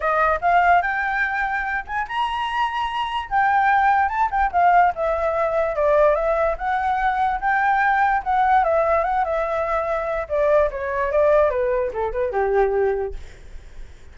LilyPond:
\new Staff \with { instrumentName = "flute" } { \time 4/4 \tempo 4 = 146 dis''4 f''4 g''2~ | g''8 gis''8 ais''2. | g''2 a''8 g''8 f''4 | e''2 d''4 e''4 |
fis''2 g''2 | fis''4 e''4 fis''8 e''4.~ | e''4 d''4 cis''4 d''4 | b'4 a'8 b'8 g'2 | }